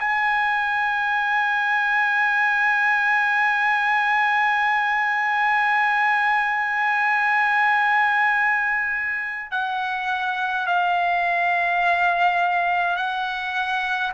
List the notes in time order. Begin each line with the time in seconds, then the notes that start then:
0.00 G#5
9.51 F#5
10.67 F5
12.97 F#5